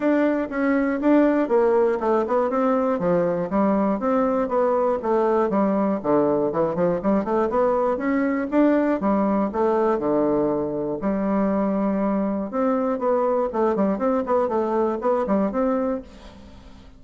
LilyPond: \new Staff \with { instrumentName = "bassoon" } { \time 4/4 \tempo 4 = 120 d'4 cis'4 d'4 ais4 | a8 b8 c'4 f4 g4 | c'4 b4 a4 g4 | d4 e8 f8 g8 a8 b4 |
cis'4 d'4 g4 a4 | d2 g2~ | g4 c'4 b4 a8 g8 | c'8 b8 a4 b8 g8 c'4 | }